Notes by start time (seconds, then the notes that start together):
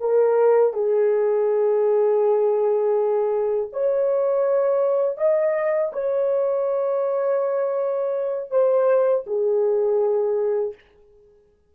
0.00 A#4
0.73 G#4
3.73 C#5
5.18 D#5
5.93 C#5
8.51 C5
9.27 G#4